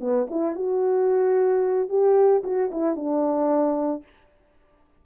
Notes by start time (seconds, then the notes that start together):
0.00 B3
0.30 E4
0.55 F#4
1.88 G4
2.43 F#4
2.71 E4
2.96 D4